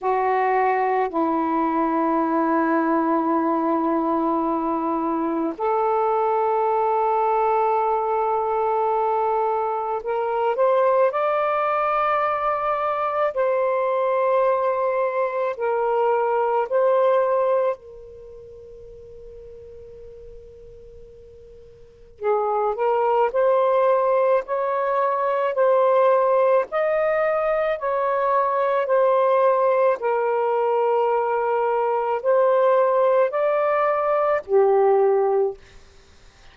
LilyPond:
\new Staff \with { instrumentName = "saxophone" } { \time 4/4 \tempo 4 = 54 fis'4 e'2.~ | e'4 a'2.~ | a'4 ais'8 c''8 d''2 | c''2 ais'4 c''4 |
ais'1 | gis'8 ais'8 c''4 cis''4 c''4 | dis''4 cis''4 c''4 ais'4~ | ais'4 c''4 d''4 g'4 | }